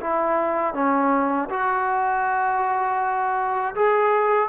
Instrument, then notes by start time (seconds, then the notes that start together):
trombone
0.00 E4
0.74 C#4
1.50 F#4
3.75 G#4